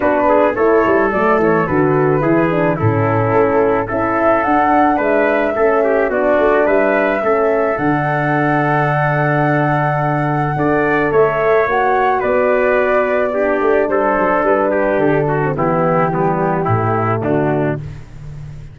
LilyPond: <<
  \new Staff \with { instrumentName = "flute" } { \time 4/4 \tempo 4 = 108 b'4 cis''4 d''8 cis''8 b'4~ | b'4 a'2 e''4 | fis''4 e''2 d''4 | e''2 fis''2~ |
fis''1 | e''4 fis''4 d''2~ | d''4 c''4 b'4 a'4 | g'2. fis'4 | }
  \new Staff \with { instrumentName = "trumpet" } { \time 4/4 fis'8 gis'8 a'2. | gis'4 e'2 a'4~ | a'4 b'4 a'8 g'8 fis'4 | b'4 a'2.~ |
a'2. d''4 | cis''2 b'2 | g'4 a'4. g'4 fis'8 | e'4 b4 e'4 d'4 | }
  \new Staff \with { instrumentName = "horn" } { \time 4/4 d'4 e'4 a4 fis'4 | e'8 d'8 cis'2 e'4 | d'2 cis'4 d'4~ | d'4 cis'4 d'2~ |
d'2. a'4~ | a'4 fis'2. | d'2.~ d'8. c'16 | b4 g4 a2 | }
  \new Staff \with { instrumentName = "tuba" } { \time 4/4 b4 a8 g8 fis8 e8 d4 | e4 a,4 a4 cis'4 | d'4 gis4 a4 b8 a8 | g4 a4 d2~ |
d2. d'4 | a4 ais4 b2~ | b8 a8 g8 fis8 g4 d4 | e2 a,4 d4 | }
>>